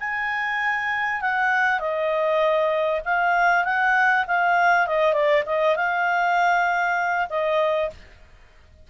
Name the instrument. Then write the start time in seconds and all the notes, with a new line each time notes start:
clarinet
0.00 G#5
1.21 F#5
1.80 D#5
3.05 F5
3.65 F#5
4.27 F5
4.87 D#5
5.13 D5
5.46 D#5
5.76 F5
7.29 D#5